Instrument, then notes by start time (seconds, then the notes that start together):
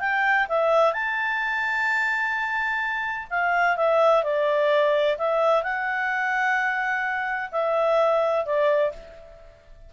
clarinet
0.00 G5
0.49 E5
0.93 A5
3.30 F5
3.76 E5
4.23 D5
5.18 E5
5.63 F#5
7.52 E5
8.45 D5